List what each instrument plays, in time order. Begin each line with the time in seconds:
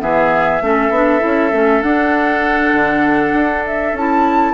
0.00 bassoon E3, clarinet B3, oboe G#4, flute E5
0.61 bassoon A3, clarinet C#4, oboe A4
0.90 bassoon B3, clarinet D4
1.20 bassoon C#4, clarinet E4
1.52 bassoon A3, clarinet C#4
1.82 clarinet D4, bassoon D4, flute F#5
2.73 bassoon D3
3.33 bassoon D4
3.66 flute E5
3.93 bassoon C#4, clarinet E4, flute A5